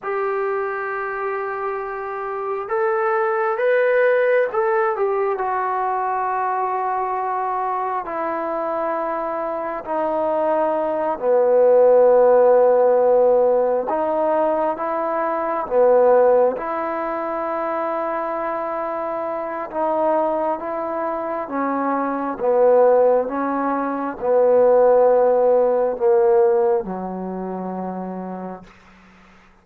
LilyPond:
\new Staff \with { instrumentName = "trombone" } { \time 4/4 \tempo 4 = 67 g'2. a'4 | b'4 a'8 g'8 fis'2~ | fis'4 e'2 dis'4~ | dis'8 b2. dis'8~ |
dis'8 e'4 b4 e'4.~ | e'2 dis'4 e'4 | cis'4 b4 cis'4 b4~ | b4 ais4 fis2 | }